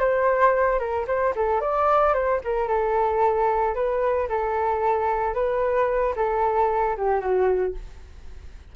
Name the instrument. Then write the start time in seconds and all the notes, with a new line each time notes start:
flute
0.00 C5
0.79 A#4
1.08 C5
1.36 A4
1.61 D5
2.14 C5
2.44 A#4
2.68 A4
3.75 B4
4.29 A4
5.34 B4
6.16 A4
6.97 G4
7.21 F#4